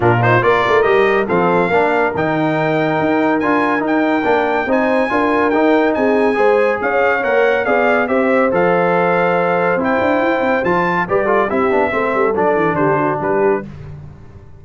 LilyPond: <<
  \new Staff \with { instrumentName = "trumpet" } { \time 4/4 \tempo 4 = 141 ais'8 c''8 d''4 dis''4 f''4~ | f''4 g''2. | gis''4 g''2 gis''4~ | gis''4 g''4 gis''2 |
f''4 fis''4 f''4 e''4 | f''2. g''4~ | g''4 a''4 d''4 e''4~ | e''4 d''4 c''4 b'4 | }
  \new Staff \with { instrumentName = "horn" } { \time 4/4 f'4 ais'2 a'4 | ais'1~ | ais'2. c''4 | ais'2 gis'4 c''4 |
cis''2 d''4 c''4~ | c''1~ | c''2 b'8 a'8 g'4 | a'2 g'8 fis'8 g'4 | }
  \new Staff \with { instrumentName = "trombone" } { \time 4/4 d'8 dis'8 f'4 g'4 c'4 | d'4 dis'2. | f'4 dis'4 d'4 dis'4 | f'4 dis'2 gis'4~ |
gis'4 ais'4 gis'4 g'4 | a'2. e'4~ | e'4 f'4 g'8 f'8 e'8 d'8 | c'4 d'2. | }
  \new Staff \with { instrumentName = "tuba" } { \time 4/4 ais,4 ais8 a8 g4 f4 | ais4 dis2 dis'4 | d'4 dis'4 ais4 c'4 | d'4 dis'4 c'4 gis4 |
cis'4 ais4 b4 c'4 | f2. c'8 d'8 | e'8 c'8 f4 g4 c'8 b8 | a8 g8 fis8 e8 d4 g4 | }
>>